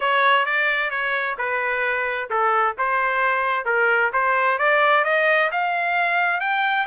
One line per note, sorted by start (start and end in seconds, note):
0.00 0.45 C#5
0.45 0.90 D5
0.90 1.36 C#5
1.38 2.29 B4
2.30 2.75 A4
2.78 3.65 C5
3.65 4.11 A#4
4.12 4.58 C5
4.58 5.04 D5
5.04 5.50 D#5
5.51 6.40 F5
6.40 6.86 G5